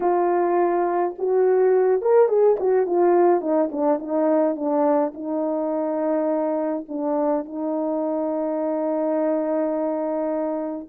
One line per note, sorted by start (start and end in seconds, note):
0.00 1.14 F4
1.18 2.01 F#4
2.01 2.28 A#4
2.28 2.57 G#4
2.59 2.86 F#4
2.86 3.41 F4
3.41 3.69 D#4
3.71 3.98 D4
3.98 4.55 D#4
4.55 5.12 D4
5.14 6.85 D#4
6.88 7.45 D4
7.45 10.88 D#4